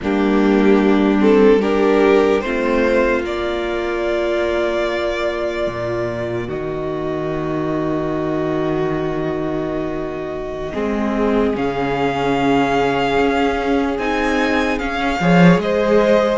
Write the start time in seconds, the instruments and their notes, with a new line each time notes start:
0.02 cello G3, viola A#3, violin D4 G4
1.19 viola C4, violin A4
1.60 viola D4, violin G4 A#4
2.41 cello A3, viola C4, violin F4 C5
3.24 cello A#3, viola A#3, violin D5
5.67 cello A#2
6.46 cello D#3, violin F#4 D#5
10.73 cello G#3, viola C4, violin G#4
11.55 cello C#3, viola C#4, violin F5
13.17 cello C#4
13.98 cello C4, viola D#4, violin G#5
14.79 viola C#4, cello C#4, violin F5
15.20 cello F3, viola G#4, violin C#5
15.57 cello G#3, violin D#5
15.63 violin C5